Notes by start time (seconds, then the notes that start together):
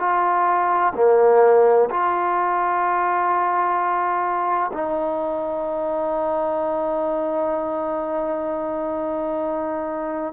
0.00 F4
0.96 A#3
1.90 F4
4.73 D#4